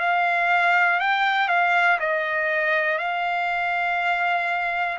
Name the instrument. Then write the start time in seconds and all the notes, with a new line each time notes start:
trumpet
0.00 F5
1.00 G5
1.49 F5
2.00 D#5
2.98 F5